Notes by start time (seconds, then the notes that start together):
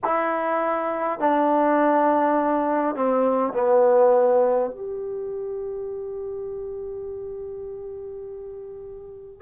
0.04 E4
1.19 D4
2.95 C4
3.53 B3
4.71 G4